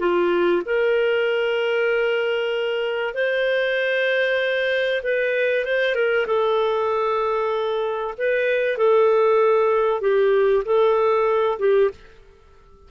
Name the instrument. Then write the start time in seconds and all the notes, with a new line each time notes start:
clarinet
0.00 F4
0.66 A#4
3.14 C5
5.03 B4
5.65 C5
5.95 A#4
6.27 A4
8.18 B4
8.78 A4
10.01 G4
10.65 A4
11.59 G4